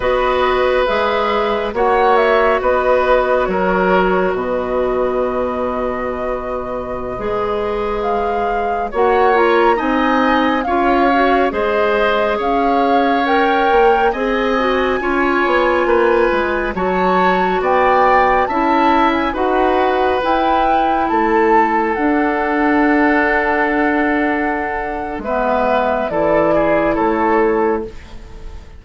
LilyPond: <<
  \new Staff \with { instrumentName = "flute" } { \time 4/4 \tempo 4 = 69 dis''4 e''4 fis''8 e''8 dis''4 | cis''4 dis''2.~ | dis''4~ dis''16 f''4 fis''8 ais''8 gis''8.~ | gis''16 f''4 dis''4 f''4 g''8.~ |
g''16 gis''2. a''8.~ | a''16 g''4 a''8. gis''16 fis''4 g''8.~ | g''16 a''4 fis''2~ fis''8.~ | fis''4 e''4 d''4 cis''4 | }
  \new Staff \with { instrumentName = "oboe" } { \time 4/4 b'2 cis''4 b'4 | ais'4 b'2.~ | b'2~ b'16 cis''4 dis''8.~ | dis''16 cis''4 c''4 cis''4.~ cis''16~ |
cis''16 dis''4 cis''4 b'4 cis''8.~ | cis''16 d''4 e''4 b'4.~ b'16~ | b'16 a'2.~ a'8.~ | a'4 b'4 a'8 gis'8 a'4 | }
  \new Staff \with { instrumentName = "clarinet" } { \time 4/4 fis'4 gis'4 fis'2~ | fis'1~ | fis'16 gis'2 fis'8 f'8 dis'8.~ | dis'16 f'8 fis'8 gis'2 ais'8.~ |
ais'16 gis'8 fis'8 f'2 fis'8.~ | fis'4~ fis'16 e'4 fis'4 e'8.~ | e'4~ e'16 d'2~ d'8.~ | d'4 b4 e'2 | }
  \new Staff \with { instrumentName = "bassoon" } { \time 4/4 b4 gis4 ais4 b4 | fis4 b,2.~ | b,16 gis2 ais4 c'8.~ | c'16 cis'4 gis4 cis'4. ais16~ |
ais16 c'4 cis'8 b8 ais8 gis8 fis8.~ | fis16 b4 cis'4 dis'4 e'8.~ | e'16 a4 d'2~ d'8.~ | d'4 gis4 e4 a4 | }
>>